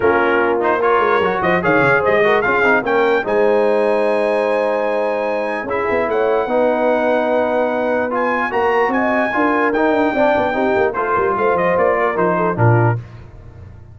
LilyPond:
<<
  \new Staff \with { instrumentName = "trumpet" } { \time 4/4 \tempo 4 = 148 ais'4. c''8 cis''4. dis''8 | f''4 dis''4 f''4 g''4 | gis''1~ | gis''2 e''4 fis''4~ |
fis''1 | gis''4 ais''4 gis''2 | g''2. c''4 | f''8 dis''8 d''4 c''4 ais'4 | }
  \new Staff \with { instrumentName = "horn" } { \time 4/4 f'2 ais'4. c''8 | cis''4 c''8 ais'8 gis'4 ais'4 | c''1~ | c''2 gis'4 cis''4 |
b'1~ | b'4 ais'4 dis''4 ais'4~ | ais'4 d''4 g'4 a'8 ais'8 | c''4. ais'4 a'8 f'4 | }
  \new Staff \with { instrumentName = "trombone" } { \time 4/4 cis'4. dis'8 f'4 fis'4 | gis'4. fis'8 f'8 dis'8 cis'4 | dis'1~ | dis'2 e'2 |
dis'1 | f'4 fis'2 f'4 | dis'4 d'4 dis'4 f'4~ | f'2 dis'4 d'4 | }
  \new Staff \with { instrumentName = "tuba" } { \time 4/4 ais2~ ais8 gis8 fis8 f8 | dis8 cis8 gis4 cis'8 c'8 ais4 | gis1~ | gis2 cis'8 b8 a4 |
b1~ | b4 ais4 c'4 d'4 | dis'8 d'8 c'8 b8 c'8 ais8 a8 g8 | a8 f8 ais4 f4 ais,4 | }
>>